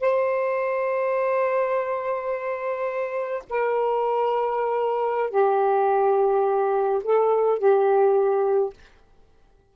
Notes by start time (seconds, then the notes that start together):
0.00 C5
3.50 A#4
5.30 G4
7.04 A4
7.58 G4